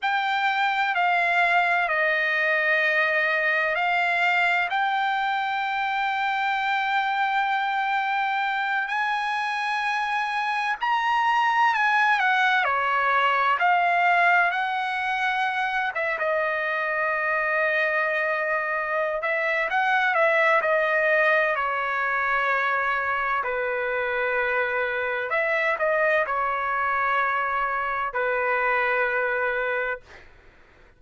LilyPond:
\new Staff \with { instrumentName = "trumpet" } { \time 4/4 \tempo 4 = 64 g''4 f''4 dis''2 | f''4 g''2.~ | g''4. gis''2 ais''8~ | ais''8 gis''8 fis''8 cis''4 f''4 fis''8~ |
fis''4 e''16 dis''2~ dis''8.~ | dis''8 e''8 fis''8 e''8 dis''4 cis''4~ | cis''4 b'2 e''8 dis''8 | cis''2 b'2 | }